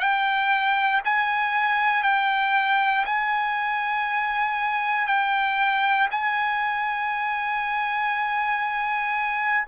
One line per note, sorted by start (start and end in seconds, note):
0.00 1.02 G5
1.05 2.03 G#5
2.03 3.05 G5
3.06 5.08 G#5
5.08 6.09 G5
6.12 9.67 G#5